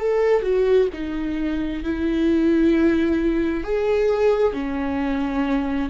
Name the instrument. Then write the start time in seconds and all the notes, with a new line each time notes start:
viola
0.00 A4
0.43 F#4
0.93 D#4
1.84 E4
3.64 G#4
4.53 C#4